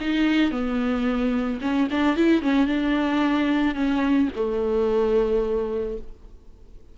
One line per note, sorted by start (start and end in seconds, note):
0.00 0.51 D#4
0.51 1.59 B3
1.61 1.88 C#4
1.90 2.16 D4
2.16 2.42 E4
2.42 2.66 C#4
2.66 3.74 D4
3.74 4.29 C#4
4.35 5.98 A3